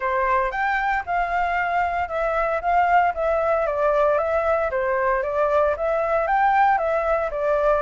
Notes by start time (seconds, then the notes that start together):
0.00 C5
0.51 G5
1.06 F5
2.08 E5
2.61 F5
3.14 E5
3.66 D5
4.18 E5
4.70 C5
5.22 D5
5.77 E5
6.27 G5
6.78 E5
7.30 D5